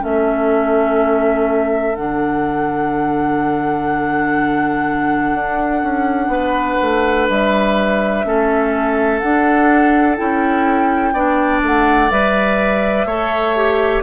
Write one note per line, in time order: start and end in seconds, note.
0.00 1.96 A3
0.00 1.94 C#4
0.00 6.31 A4
0.00 1.95 E5
1.95 5.34 D3
1.95 8.24 D4
1.95 7.27 F#5
5.34 5.82 D4
5.82 6.27 C#4
6.27 6.75 B3
6.27 8.25 B4
6.81 7.29 A3
7.29 8.24 G3
7.29 9.19 E5
8.24 9.21 A3
8.24 9.21 C#4
8.24 11.13 A4
9.19 10.16 D4
9.19 10.18 D4
9.19 10.15 F#5
10.16 11.12 C#4
10.16 11.13 E4
10.16 11.61 G5
11.12 11.61 B3
11.12 12.10 D4
11.12 13.06 D5
11.62 12.10 A3
11.62 12.10 F#5
12.10 13.05 G3
12.10 13.07 B4
12.10 14.03 E5
13.05 14.02 A3
13.05 13.56 A4
13.05 14.03 C#5
13.56 14.03 G4